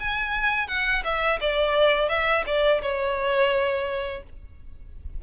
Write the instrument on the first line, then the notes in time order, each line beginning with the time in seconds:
violin
0.00 G#5
0.68 F#5
1.05 E5
1.41 D5
2.09 E5
2.46 D5
2.82 C#5